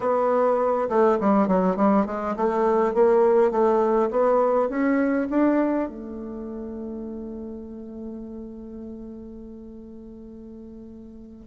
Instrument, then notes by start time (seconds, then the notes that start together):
bassoon
0.00 B3
0.89 A3
1.20 G3
1.47 F#3
1.76 G3
2.06 G#3
2.36 A3
2.94 A#3
3.51 A3
4.10 B3
4.69 C#4
5.30 D4
5.88 A3